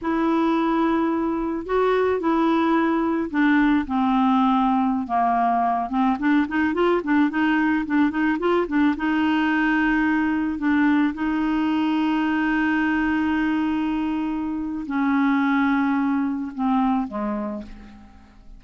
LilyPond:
\new Staff \with { instrumentName = "clarinet" } { \time 4/4 \tempo 4 = 109 e'2. fis'4 | e'2 d'4 c'4~ | c'4~ c'16 ais4. c'8 d'8 dis'16~ | dis'16 f'8 d'8 dis'4 d'8 dis'8 f'8 d'16~ |
d'16 dis'2. d'8.~ | d'16 dis'2.~ dis'8.~ | dis'2. cis'4~ | cis'2 c'4 gis4 | }